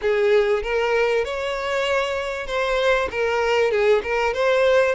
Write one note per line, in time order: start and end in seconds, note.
0.01 0.62 G#4
0.62 1.24 A#4
1.25 2.47 C#5
2.47 3.08 C5
3.10 3.71 A#4
3.71 4.01 G#4
4.03 4.33 A#4
4.33 4.95 C5